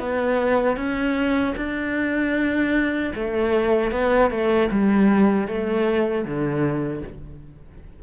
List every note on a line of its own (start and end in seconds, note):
0.00 0.77 B3
0.77 1.55 C#4
1.57 3.13 D4
3.16 3.92 A3
3.92 4.31 B3
4.31 4.70 A3
4.71 5.48 G3
5.48 6.25 A3
6.25 7.03 D3